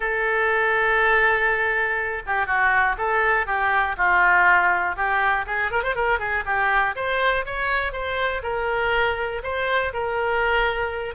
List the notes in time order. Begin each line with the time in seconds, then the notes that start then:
0.00 A4
2.26 G4
2.46 F#4
2.97 A4
3.46 G4
3.97 F4
4.96 G4
5.46 G#4
5.71 A#4
5.83 C5
5.95 A#4
6.19 G#4
6.45 G4
6.95 C5
7.45 C#5
7.92 C5
8.43 A#4
9.43 C5
9.93 A#4